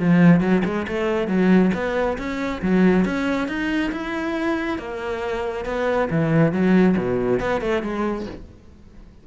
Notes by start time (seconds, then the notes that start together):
0.00 F3
0.41 F#3
0.65 G#3
0.88 A3
1.28 F#3
1.75 B3
2.18 C#4
2.62 F#3
3.06 C#4
3.49 D#4
3.92 E4
4.79 A#3
5.66 B3
6.11 E3
6.53 F#3
6.97 B2
7.40 B3
7.62 A3
7.83 G#3